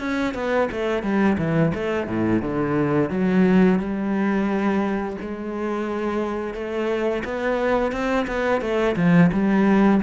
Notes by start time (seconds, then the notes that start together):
0.00 C#4
0.34 B3
0.72 A3
1.03 G3
1.39 E3
1.75 A3
2.08 A2
2.42 D3
3.10 F#3
3.79 G3
5.21 G#3
6.55 A3
7.25 B3
7.92 C4
8.28 B3
8.61 A3
8.97 F3
9.33 G3